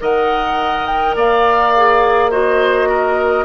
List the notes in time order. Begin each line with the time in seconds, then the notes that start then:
0.00 D#3 A#4 D#5 F#5
0.86 G5
1.15 A#3 D5 F5
1.76 G#4
2.31 F#4 C5 D#5
2.89 A#4